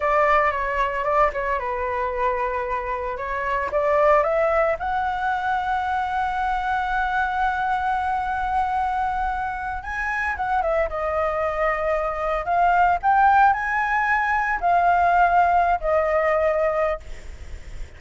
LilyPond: \new Staff \with { instrumentName = "flute" } { \time 4/4 \tempo 4 = 113 d''4 cis''4 d''8 cis''8 b'4~ | b'2 cis''4 d''4 | e''4 fis''2.~ | fis''1~ |
fis''2~ fis''8 gis''4 fis''8 | e''8 dis''2. f''8~ | f''8 g''4 gis''2 f''8~ | f''4.~ f''16 dis''2~ dis''16 | }